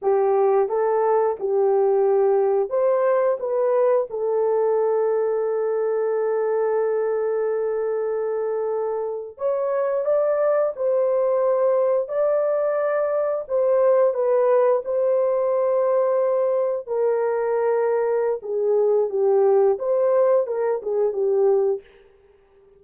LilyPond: \new Staff \with { instrumentName = "horn" } { \time 4/4 \tempo 4 = 88 g'4 a'4 g'2 | c''4 b'4 a'2~ | a'1~ | a'4.~ a'16 cis''4 d''4 c''16~ |
c''4.~ c''16 d''2 c''16~ | c''8. b'4 c''2~ c''16~ | c''8. ais'2~ ais'16 gis'4 | g'4 c''4 ais'8 gis'8 g'4 | }